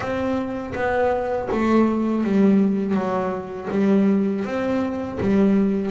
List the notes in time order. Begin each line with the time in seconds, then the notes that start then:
0.00 C4
0.74 B3
1.51 A3
2.24 G3
2.94 F#3
3.70 G3
4.44 C4
5.20 G3